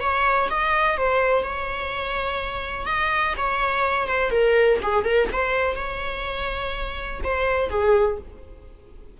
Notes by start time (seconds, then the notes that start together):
0.00 C#5
0.49 D#5
0.97 C5
1.43 C#5
2.85 D#5
3.37 C#5
4.07 C5
4.30 A#4
4.82 G#4
5.04 A#4
5.32 C5
5.75 C#5
7.23 C5
7.69 G#4